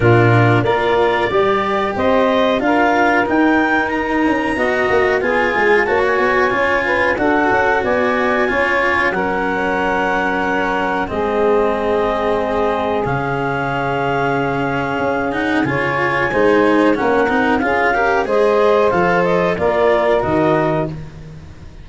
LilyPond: <<
  \new Staff \with { instrumentName = "clarinet" } { \time 4/4 \tempo 4 = 92 ais'4 d''2 dis''4 | f''4 g''4 ais''2 | gis''4 a''16 gis''4.~ gis''16 fis''4 | gis''2 fis''2~ |
fis''4 dis''2. | f''2.~ f''8 fis''8 | gis''2 fis''4 f''4 | dis''4 f''8 dis''8 d''4 dis''4 | }
  \new Staff \with { instrumentName = "saxophone" } { \time 4/4 f'4 ais'4 d''4 c''4 | ais'2. dis''4 | gis'4 cis''4. b'8 a'4 | d''4 cis''4 ais'2~ |
ais'4 gis'2.~ | gis'1 | cis''4 c''4 ais'4 gis'8 ais'8 | c''2 ais'2 | }
  \new Staff \with { instrumentName = "cello" } { \time 4/4 d'4 f'4 g'2 | f'4 dis'2 fis'4 | f'4 fis'4 f'4 fis'4~ | fis'4 f'4 cis'2~ |
cis'4 c'2. | cis'2.~ cis'8 dis'8 | f'4 dis'4 cis'8 dis'8 f'8 g'8 | gis'4 a'4 f'4 fis'4 | }
  \new Staff \with { instrumentName = "tuba" } { \time 4/4 ais,4 ais4 g4 c'4 | d'4 dis'4. cis'8 b8 ais8 | b8 gis8 ais8 b8 cis'4 d'8 cis'8 | b4 cis'4 fis2~ |
fis4 gis2. | cis2. cis'4 | cis4 gis4 ais8 c'8 cis'4 | gis4 f4 ais4 dis4 | }
>>